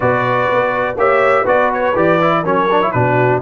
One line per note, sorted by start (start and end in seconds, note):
0.00 0.49 B2
0.00 0.96 F#4
0.00 0.96 B4
0.00 0.97 D5
0.52 0.96 B3
0.96 1.45 A#3
0.96 1.45 G4
0.96 1.41 C#5
0.96 1.47 E5
1.41 1.94 B3
1.41 1.93 F#4
1.41 2.39 B4
1.41 1.71 D5
1.73 1.96 C#5
1.95 2.44 E3
1.95 2.20 G4
1.95 2.45 D5
2.20 2.44 E4
2.42 2.93 F#3
2.42 2.68 C#4
2.42 2.91 A#4
2.42 2.91 C#5
2.70 2.82 D4
2.82 2.93 E4
2.91 3.41 B2
2.91 3.41 D4
2.91 3.41 F#4
2.91 3.40 B4